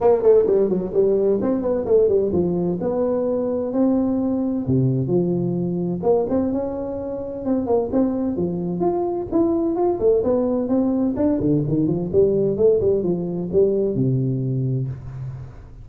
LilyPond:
\new Staff \with { instrumentName = "tuba" } { \time 4/4 \tempo 4 = 129 ais8 a8 g8 fis8 g4 c'8 b8 | a8 g8 f4 b2 | c'2 c4 f4~ | f4 ais8 c'8 cis'2 |
c'8 ais8 c'4 f4 f'4 | e'4 f'8 a8 b4 c'4 | d'8 d8 dis8 f8 g4 a8 g8 | f4 g4 c2 | }